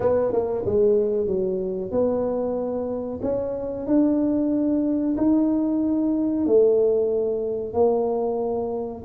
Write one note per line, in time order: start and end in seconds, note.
0.00 0.32 B3
0.32 0.64 A#3
0.65 1.26 G#3
1.26 1.91 F#3
1.91 3.20 B3
3.22 3.87 C#4
3.87 5.16 D4
5.17 6.46 D#4
6.46 7.73 A3
7.73 9.02 A#3